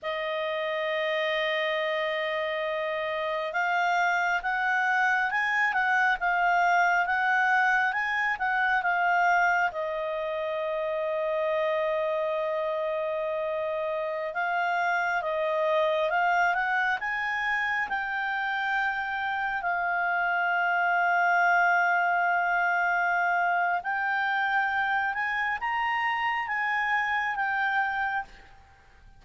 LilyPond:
\new Staff \with { instrumentName = "clarinet" } { \time 4/4 \tempo 4 = 68 dis''1 | f''4 fis''4 gis''8 fis''8 f''4 | fis''4 gis''8 fis''8 f''4 dis''4~ | dis''1~ |
dis''16 f''4 dis''4 f''8 fis''8 gis''8.~ | gis''16 g''2 f''4.~ f''16~ | f''2. g''4~ | g''8 gis''8 ais''4 gis''4 g''4 | }